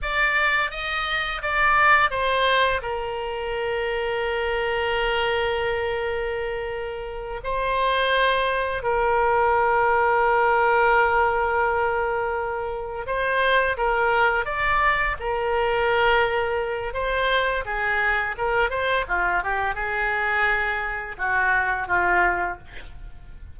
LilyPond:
\new Staff \with { instrumentName = "oboe" } { \time 4/4 \tempo 4 = 85 d''4 dis''4 d''4 c''4 | ais'1~ | ais'2~ ais'8 c''4.~ | c''8 ais'2.~ ais'8~ |
ais'2~ ais'8 c''4 ais'8~ | ais'8 d''4 ais'2~ ais'8 | c''4 gis'4 ais'8 c''8 f'8 g'8 | gis'2 fis'4 f'4 | }